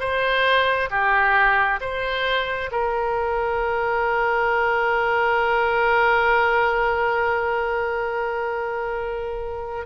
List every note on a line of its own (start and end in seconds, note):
0.00 0.90 C5
0.90 1.80 G4
1.81 2.70 C5
2.72 9.86 A#4